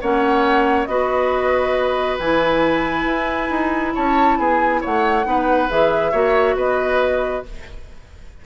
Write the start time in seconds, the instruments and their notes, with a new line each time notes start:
0.00 bassoon A#3, clarinet C#4, oboe C#5, flute F#5
0.85 bassoon B3, clarinet F#4, oboe B4, flute D#5
2.19 bassoon E3, clarinet E4, flute G#5
3.05 bassoon E4
3.50 bassoon D#4
3.94 bassoon C#4, oboe C#5, flute A5
4.37 bassoon B3, oboe G#4, flute G#5
4.81 bassoon A3, oboe C#5, flute F#5
5.24 bassoon B3, clarinet D#4, oboe B4
5.68 bassoon E3, clarinet G#4, flute E5
6.11 bassoon A#3, clarinet F#4, oboe C#5
6.55 bassoon B3, oboe B4, flute D#5